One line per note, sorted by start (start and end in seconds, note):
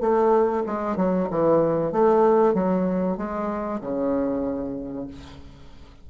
0.00 0.63 A3
0.66 0.96 G#3
0.96 1.28 F#3
1.30 1.92 E3
1.92 2.54 A3
2.54 3.17 F#3
3.17 3.80 G#3
3.81 5.07 C#3